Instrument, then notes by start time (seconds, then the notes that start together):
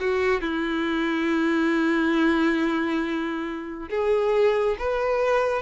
violin
0.00 F#4
0.41 E4
3.89 G#4
4.78 B4